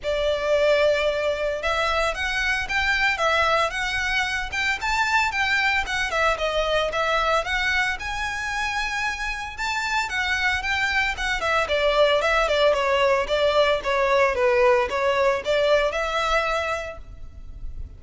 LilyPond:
\new Staff \with { instrumentName = "violin" } { \time 4/4 \tempo 4 = 113 d''2. e''4 | fis''4 g''4 e''4 fis''4~ | fis''8 g''8 a''4 g''4 fis''8 e''8 | dis''4 e''4 fis''4 gis''4~ |
gis''2 a''4 fis''4 | g''4 fis''8 e''8 d''4 e''8 d''8 | cis''4 d''4 cis''4 b'4 | cis''4 d''4 e''2 | }